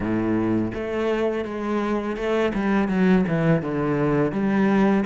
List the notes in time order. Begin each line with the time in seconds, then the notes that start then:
0.00 A2
0.74 A3
1.45 G#3
2.16 A3
2.53 G3
2.88 F#3
3.28 E3
3.62 D3
4.32 G3